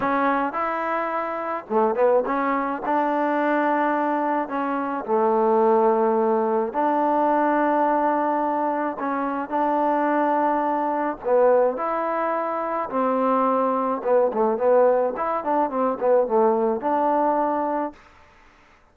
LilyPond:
\new Staff \with { instrumentName = "trombone" } { \time 4/4 \tempo 4 = 107 cis'4 e'2 a8 b8 | cis'4 d'2. | cis'4 a2. | d'1 |
cis'4 d'2. | b4 e'2 c'4~ | c'4 b8 a8 b4 e'8 d'8 | c'8 b8 a4 d'2 | }